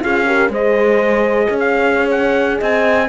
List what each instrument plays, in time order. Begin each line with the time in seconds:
0.00 cello C#4, horn F4 G#4, trumpet F5
0.26 horn G4 A#4
0.49 cello G#3, horn G#4 C5, trumpet D#5
1.49 cello C#4, horn C#5
1.59 trumpet F5
2.10 trumpet F#5
2.58 cello C4, horn D#5, trumpet G#5